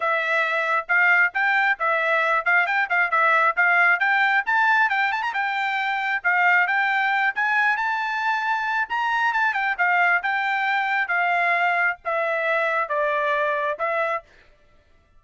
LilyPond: \new Staff \with { instrumentName = "trumpet" } { \time 4/4 \tempo 4 = 135 e''2 f''4 g''4 | e''4. f''8 g''8 f''8 e''4 | f''4 g''4 a''4 g''8 a''16 ais''16 | g''2 f''4 g''4~ |
g''8 gis''4 a''2~ a''8 | ais''4 a''8 g''8 f''4 g''4~ | g''4 f''2 e''4~ | e''4 d''2 e''4 | }